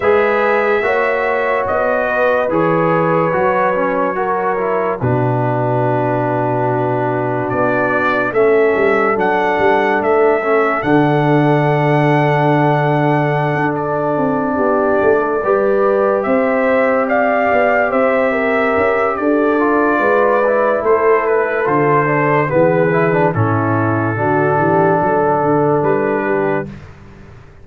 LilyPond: <<
  \new Staff \with { instrumentName = "trumpet" } { \time 4/4 \tempo 4 = 72 e''2 dis''4 cis''4~ | cis''2 b'2~ | b'4 d''4 e''4 fis''4 | e''4 fis''2.~ |
fis''8 d''2. e''8~ | e''8 f''4 e''4. d''4~ | d''4 c''8 b'8 c''4 b'4 | a'2. b'4 | }
  \new Staff \with { instrumentName = "horn" } { \time 4/4 b'4 cis''4. b'4.~ | b'4 ais'4 fis'2~ | fis'2 a'2~ | a'1~ |
a'4. g'8. a'16 b'4 c''8~ | c''8 d''4 c''8 ais'4 a'4 | b'4 a'2 gis'4 | e'4 fis'8 g'8 a'4. g'8 | }
  \new Staff \with { instrumentName = "trombone" } { \time 4/4 gis'4 fis'2 gis'4 | fis'8 cis'8 fis'8 e'8 d'2~ | d'2 cis'4 d'4~ | d'8 cis'8 d'2.~ |
d'2~ d'8 g'4.~ | g'2.~ g'8 f'8~ | f'8 e'4. f'8 d'8 b8 e'16 d'16 | cis'4 d'2. | }
  \new Staff \with { instrumentName = "tuba" } { \time 4/4 gis4 ais4 b4 e4 | fis2 b,2~ | b,4 b4 a8 g8 fis8 g8 | a4 d2.~ |
d16 d'8. c'8 b8 a8 g4 c'8~ | c'4 b8 c'4 cis'8 d'4 | gis4 a4 d4 e4 | a,4 d8 e8 fis8 d8 g4 | }
>>